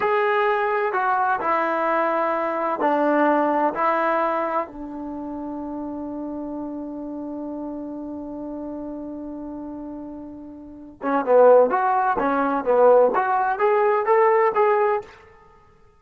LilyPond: \new Staff \with { instrumentName = "trombone" } { \time 4/4 \tempo 4 = 128 gis'2 fis'4 e'4~ | e'2 d'2 | e'2 d'2~ | d'1~ |
d'1~ | d'2.~ d'8 cis'8 | b4 fis'4 cis'4 b4 | fis'4 gis'4 a'4 gis'4 | }